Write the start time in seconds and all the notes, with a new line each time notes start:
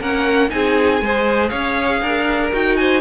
0.00 A#3 C#4 A#4 F#5
0.49 C4 D#4 G#4 G#5
1.01 G#3 G#4 C5
1.49 C#4 C#5 F5
2.02 D4 A#4
2.52 D#4 F#4 G5
2.76 C5 G#5